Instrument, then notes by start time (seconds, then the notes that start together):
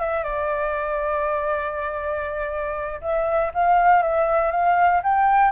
flute
0.00 E5
0.24 D5
3.01 E5
3.54 F5
4.03 E5
4.51 F5
5.03 G5